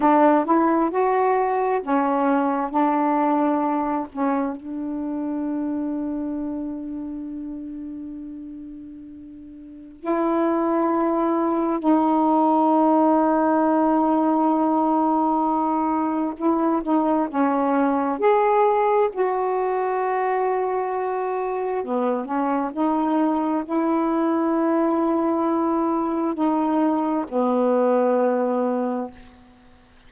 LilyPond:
\new Staff \with { instrumentName = "saxophone" } { \time 4/4 \tempo 4 = 66 d'8 e'8 fis'4 cis'4 d'4~ | d'8 cis'8 d'2.~ | d'2. e'4~ | e'4 dis'2.~ |
dis'2 e'8 dis'8 cis'4 | gis'4 fis'2. | b8 cis'8 dis'4 e'2~ | e'4 dis'4 b2 | }